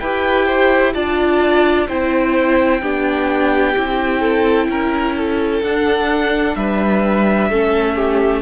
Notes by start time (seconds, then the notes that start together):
0.00 E4 G4 B4 G5
0.46 C5
0.94 D4 F4 D5 A5
1.88 C4 E4 C5 G5
2.82 B3 D4 G4
3.77 C4 E4
4.21 A4
4.69 C#4 A#4
5.16 A4
5.62 D4 F#5
6.56 G3 B4 E5
7.50 A3 C#4 A4
7.96 G4